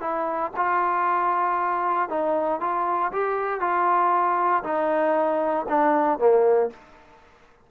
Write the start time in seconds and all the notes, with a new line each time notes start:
0.00 E4
0.56 F4
2.09 D#4
2.60 F4
3.12 G4
3.60 F4
4.63 D#4
5.68 D4
6.18 A#3